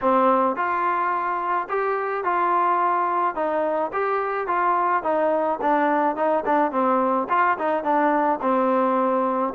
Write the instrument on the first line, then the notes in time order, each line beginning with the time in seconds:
trombone
0.01 C4
0.56 F4
1.69 G4
2.24 F4
3.35 D#4
3.93 G4
4.47 F4
5.03 D#4
5.61 D4
6.16 D#4
6.45 D4
6.71 C4
7.29 F4
7.58 D#4
7.83 D4
8.41 C4